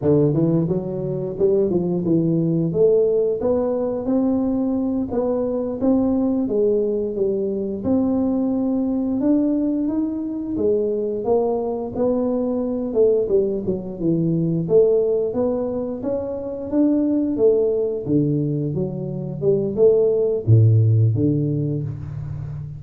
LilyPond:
\new Staff \with { instrumentName = "tuba" } { \time 4/4 \tempo 4 = 88 d8 e8 fis4 g8 f8 e4 | a4 b4 c'4. b8~ | b8 c'4 gis4 g4 c'8~ | c'4. d'4 dis'4 gis8~ |
gis8 ais4 b4. a8 g8 | fis8 e4 a4 b4 cis'8~ | cis'8 d'4 a4 d4 fis8~ | fis8 g8 a4 a,4 d4 | }